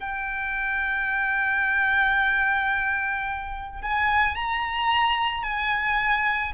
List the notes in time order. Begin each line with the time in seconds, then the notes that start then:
0.00 G5
3.82 G#5
4.36 A#5
5.43 G#5